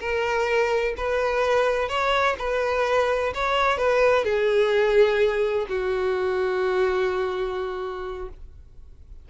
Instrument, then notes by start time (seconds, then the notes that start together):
violin
0.00 A#4
0.97 B4
1.89 C#5
2.38 B4
3.34 C#5
3.78 B4
4.24 G#4
5.69 F#4